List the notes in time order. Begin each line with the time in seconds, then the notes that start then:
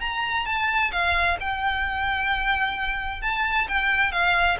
0.00 A#5
0.46 A5
0.92 F5
1.40 G5
3.21 A5
3.68 G5
4.11 F5